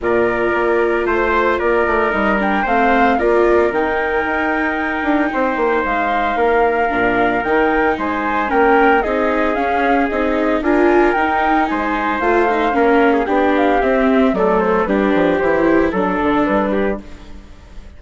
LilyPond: <<
  \new Staff \with { instrumentName = "flute" } { \time 4/4 \tempo 4 = 113 d''2 c''4 d''4 | dis''8 g''8 f''4 d''4 g''4~ | g''2. f''4~ | f''2 g''4 gis''4 |
g''4 dis''4 f''4 dis''4 | gis''4 g''4 gis''4 f''4~ | f''4 g''8 f''8 e''4 d''8 c''8 | b'4 c''4 a'4 b'4 | }
  \new Staff \with { instrumentName = "trumpet" } { \time 4/4 ais'2 c''4 ais'4~ | ais'4 c''4 ais'2~ | ais'2 c''2 | ais'2. c''4 |
ais'4 gis'2. | ais'2 c''2 | ais'8. gis'16 g'2 a'4 | g'2 a'4. g'8 | }
  \new Staff \with { instrumentName = "viola" } { \time 4/4 f'1 | dis'8 d'8 c'4 f'4 dis'4~ | dis'1~ | dis'4 d'4 dis'2 |
cis'4 dis'4 cis'4 dis'4 | f'4 dis'2 f'8 dis'8 | cis'4 d'4 c'4 a4 | d'4 e'4 d'2 | }
  \new Staff \with { instrumentName = "bassoon" } { \time 4/4 ais,4 ais4 a4 ais8 a8 | g4 a4 ais4 dis4 | dis'4. d'8 c'8 ais8 gis4 | ais4 ais,4 dis4 gis4 |
ais4 c'4 cis'4 c'4 | d'4 dis'4 gis4 a4 | ais4 b4 c'4 fis4 | g8 f8 e4 fis8 d8 g4 | }
>>